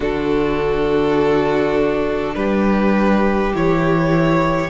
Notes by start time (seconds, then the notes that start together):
0.00 D3 D4 F#4 A4
2.35 G3 G4 B4
3.54 E3 E4 C#5